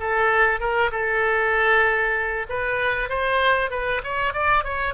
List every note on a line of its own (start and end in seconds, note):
0.00 0.60 A4
0.60 0.91 A#4
0.92 2.46 A4
2.49 3.09 B4
3.09 3.70 C5
3.70 4.01 B4
4.04 4.33 C#5
4.33 4.64 D5
4.64 4.94 C#5